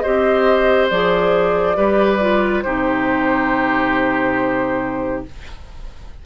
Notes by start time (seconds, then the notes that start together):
0.00 G4 C5 D#5
0.07 C4
0.90 F3 G#4 D5
1.76 G3 G4 B4
2.21 F4
2.62 C3 D#4 G4 C5